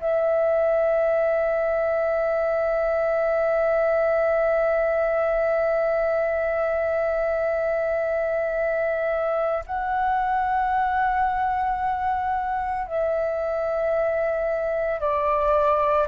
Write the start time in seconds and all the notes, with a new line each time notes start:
0.00 E5
9.66 F#5
12.87 E5
15.00 D5